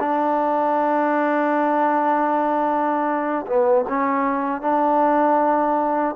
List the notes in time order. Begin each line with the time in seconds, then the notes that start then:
0.00 D4
3.47 B3
3.89 C#4
4.62 D4